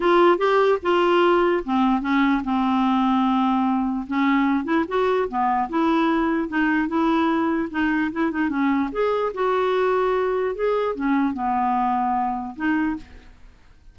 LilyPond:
\new Staff \with { instrumentName = "clarinet" } { \time 4/4 \tempo 4 = 148 f'4 g'4 f'2 | c'4 cis'4 c'2~ | c'2 cis'4. e'8 | fis'4 b4 e'2 |
dis'4 e'2 dis'4 | e'8 dis'8 cis'4 gis'4 fis'4~ | fis'2 gis'4 cis'4 | b2. dis'4 | }